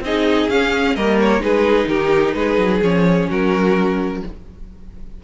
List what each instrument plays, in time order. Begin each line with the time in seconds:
0.00 cello C4, viola D#4, violin G#4 D#5
0.50 viola C#4, cello C#4, violin F5
0.95 cello G3, viola A#3, violin A#4 D#5
1.21 violin C#5
1.39 cello G#3, viola D#4, violin G#4 B4
1.88 cello D#3, violin G4 A#4
2.34 cello G#3, violin G#4 B4
2.58 cello F#3
2.82 cello F3, viola C#4, violin C#5
3.29 cello F#3, violin F#4 A#4